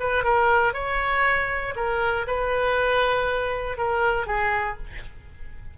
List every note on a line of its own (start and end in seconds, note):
0.00 0.24 B4
0.24 0.74 A#4
0.74 1.75 C#5
1.76 2.26 A#4
2.27 3.78 B4
3.78 4.27 A#4
4.27 4.77 G#4